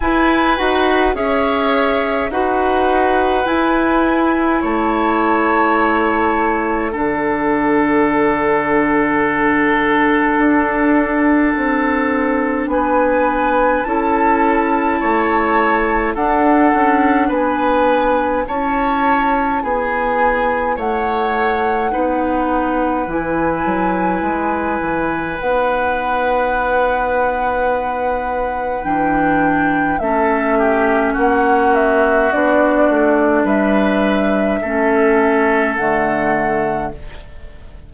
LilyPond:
<<
  \new Staff \with { instrumentName = "flute" } { \time 4/4 \tempo 4 = 52 gis''8 fis''8 e''4 fis''4 gis''4 | a''2 fis''2~ | fis''2. gis''4 | a''2 fis''4 gis''4 |
a''4 gis''4 fis''2 | gis''2 fis''2~ | fis''4 g''4 e''4 fis''8 e''8 | d''4 e''2 fis''4 | }
  \new Staff \with { instrumentName = "oboe" } { \time 4/4 b'4 cis''4 b'2 | cis''2 a'2~ | a'2. b'4 | a'4 cis''4 a'4 b'4 |
cis''4 gis'4 cis''4 b'4~ | b'1~ | b'2 a'8 g'8 fis'4~ | fis'4 b'4 a'2 | }
  \new Staff \with { instrumentName = "clarinet" } { \time 4/4 e'8 fis'8 gis'4 fis'4 e'4~ | e'2 d'2~ | d'1 | e'2 d'2 |
e'2. dis'4 | e'2 dis'2~ | dis'4 d'4 cis'2 | d'2 cis'4 a4 | }
  \new Staff \with { instrumentName = "bassoon" } { \time 4/4 e'8 dis'8 cis'4 dis'4 e'4 | a2 d2~ | d4 d'4 c'4 b4 | cis'4 a4 d'8 cis'8 b4 |
cis'4 b4 a4 b4 | e8 fis8 gis8 e8 b2~ | b4 e4 a4 ais4 | b8 a8 g4 a4 d4 | }
>>